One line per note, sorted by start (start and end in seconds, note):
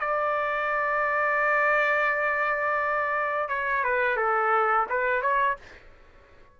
0.00 3.49 D5
3.49 3.84 C#5
3.84 4.17 B4
4.17 4.87 A4
4.90 5.22 B4
5.22 5.57 C#5